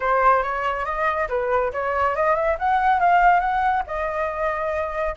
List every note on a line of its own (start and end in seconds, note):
0.00 0.42 C5
0.42 0.85 C#5
0.85 1.28 D#5
1.29 1.71 B4
1.73 2.15 C#5
2.15 2.35 D#5
2.35 2.57 E5
2.59 3.00 F#5
3.00 3.40 F5
3.40 3.82 F#5
3.86 5.15 D#5